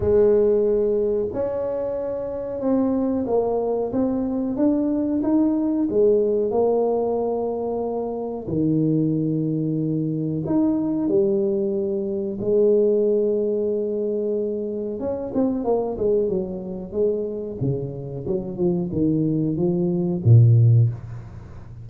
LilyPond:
\new Staff \with { instrumentName = "tuba" } { \time 4/4 \tempo 4 = 92 gis2 cis'2 | c'4 ais4 c'4 d'4 | dis'4 gis4 ais2~ | ais4 dis2. |
dis'4 g2 gis4~ | gis2. cis'8 c'8 | ais8 gis8 fis4 gis4 cis4 | fis8 f8 dis4 f4 ais,4 | }